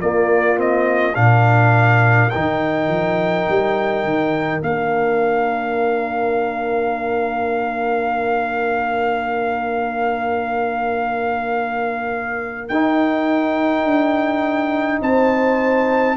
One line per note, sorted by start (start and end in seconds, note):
0.00 0.56 A#3
0.00 1.16 A#3
0.00 1.16 F4
0.00 0.59 D5
0.56 1.13 C4
0.56 1.15 D#5
1.15 2.32 A#2
1.15 2.30 D4
1.15 15.01 A#4
1.15 2.30 F5
2.30 2.89 D#3
2.30 4.61 D#4
2.30 4.61 G5
2.89 3.46 F3
3.49 4.04 G3
4.04 4.62 D#3
4.61 12.70 A#3
4.61 12.69 D4
4.61 12.69 F5
12.69 13.84 D#4
12.69 16.17 D#4
12.69 15.00 G5
13.84 15.00 D4
15.02 16.17 C4
15.02 16.17 C5
15.02 16.17 A5